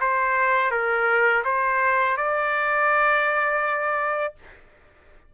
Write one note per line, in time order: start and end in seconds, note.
0.00 0.71 C5
0.71 1.43 A#4
1.45 2.17 C5
2.17 4.34 D5